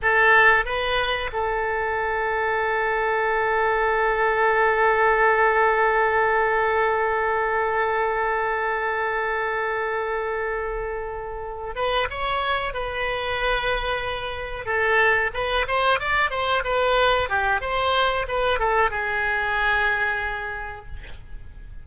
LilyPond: \new Staff \with { instrumentName = "oboe" } { \time 4/4 \tempo 4 = 92 a'4 b'4 a'2~ | a'1~ | a'1~ | a'1~ |
a'2 b'8 cis''4 b'8~ | b'2~ b'8 a'4 b'8 | c''8 d''8 c''8 b'4 g'8 c''4 | b'8 a'8 gis'2. | }